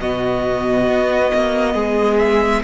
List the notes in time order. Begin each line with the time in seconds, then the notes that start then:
0.00 B2 B3 F#4 D#5
0.87 B3
1.34 A#3
1.74 G#3 G#4
2.18 E5